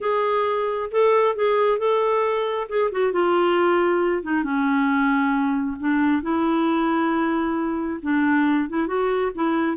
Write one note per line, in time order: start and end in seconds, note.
0.01 0.89 G#4
0.91 1.35 A4
1.35 1.78 G#4
1.78 2.67 A4
2.68 2.91 G#4
2.91 3.12 F#4
3.12 4.22 F4
4.22 4.43 D#4
4.43 5.77 C#4
5.79 6.22 D4
6.22 8.00 E4
8.02 8.69 D4
8.69 8.87 E4
8.87 9.31 F#4
9.35 9.77 E4